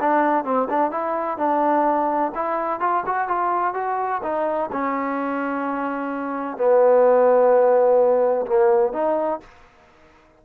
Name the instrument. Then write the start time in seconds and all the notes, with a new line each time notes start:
trombone
0.00 D4
0.44 C4
0.69 D4
0.91 E4
1.37 D4
2.35 E4
2.80 F4
3.06 F#4
3.28 F4
3.74 F#4
4.23 D#4
4.72 C#4
6.57 B3
8.46 A#3
8.93 D#4